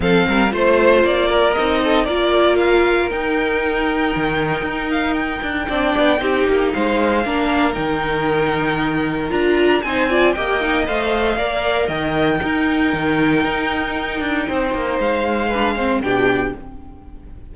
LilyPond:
<<
  \new Staff \with { instrumentName = "violin" } { \time 4/4 \tempo 4 = 116 f''4 c''4 d''4 dis''4 | d''4 f''4 g''2~ | g''4. f''8 g''2~ | g''4 f''2 g''4~ |
g''2 ais''4 gis''4 | g''4 f''2 g''4~ | g''1~ | g''4 f''2 g''4 | }
  \new Staff \with { instrumentName = "violin" } { \time 4/4 a'8 ais'8 c''4. ais'4 a'8 | ais'1~ | ais'2. d''4 | g'4 c''4 ais'2~ |
ais'2. c''8 d''8 | dis''2 d''4 dis''4 | ais'1 | c''2 b'8 c''8 g'4 | }
  \new Staff \with { instrumentName = "viola" } { \time 4/4 c'4 f'2 dis'4 | f'2 dis'2~ | dis'2. d'4 | dis'2 d'4 dis'4~ |
dis'2 f'4 dis'8 f'8 | g'8 dis'8 c''4 ais'2 | dis'1~ | dis'2 d'8 c'8 d'4 | }
  \new Staff \with { instrumentName = "cello" } { \time 4/4 f8 g8 a4 ais4 c'4 | ais2 dis'2 | dis4 dis'4. d'8 c'8 b8 | c'8 ais8 gis4 ais4 dis4~ |
dis2 d'4 c'4 | ais4 a4 ais4 dis4 | dis'4 dis4 dis'4. d'8 | c'8 ais8 gis2 b,4 | }
>>